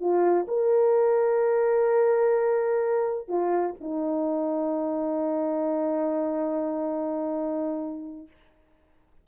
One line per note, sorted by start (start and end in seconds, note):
0.00 0.46 F4
0.47 3.28 A#4
3.28 3.73 F4
3.80 8.27 D#4